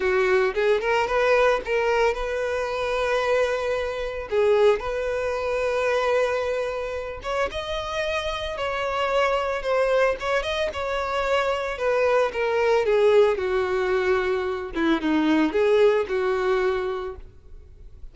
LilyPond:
\new Staff \with { instrumentName = "violin" } { \time 4/4 \tempo 4 = 112 fis'4 gis'8 ais'8 b'4 ais'4 | b'1 | gis'4 b'2.~ | b'4. cis''8 dis''2 |
cis''2 c''4 cis''8 dis''8 | cis''2 b'4 ais'4 | gis'4 fis'2~ fis'8 e'8 | dis'4 gis'4 fis'2 | }